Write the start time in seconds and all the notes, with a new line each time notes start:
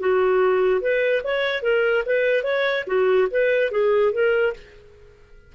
0.00 F#4
0.81 B4
1.24 C#5
1.63 A#4
2.06 B4
2.44 C#5
2.87 F#4
3.31 B4
3.71 G#4
4.12 A#4